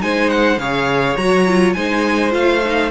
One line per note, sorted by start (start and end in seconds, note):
0.00 0.58 G#3
0.00 0.58 D#4
0.00 0.61 C5
0.00 0.30 G#5
0.30 0.59 F#5
0.58 1.16 C#3
0.58 1.18 G#4
0.58 1.76 C#5
0.58 1.17 F5
1.17 1.75 F#3
1.17 1.47 F#4
1.17 1.73 A#5
1.47 1.76 F4
1.73 2.34 G#3
1.73 2.30 D#4
1.73 2.91 C5
1.73 2.32 G#5
2.30 2.91 A3
2.30 2.60 F4
2.30 2.91 F5
2.64 2.91 D#4